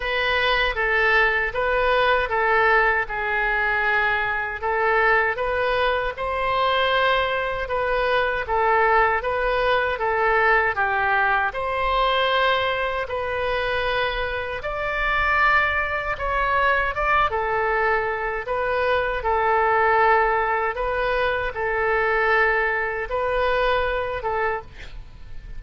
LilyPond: \new Staff \with { instrumentName = "oboe" } { \time 4/4 \tempo 4 = 78 b'4 a'4 b'4 a'4 | gis'2 a'4 b'4 | c''2 b'4 a'4 | b'4 a'4 g'4 c''4~ |
c''4 b'2 d''4~ | d''4 cis''4 d''8 a'4. | b'4 a'2 b'4 | a'2 b'4. a'8 | }